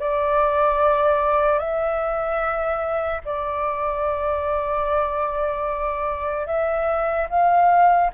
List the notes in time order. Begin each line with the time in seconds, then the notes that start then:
0.00 D5
1.59 E5
3.25 D5
6.46 E5
7.29 F5